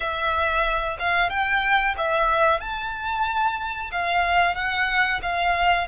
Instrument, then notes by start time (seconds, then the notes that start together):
violin
0.00 E5
0.99 F5
1.29 G5
1.97 E5
2.60 A5
3.91 F5
4.55 F#5
5.22 F5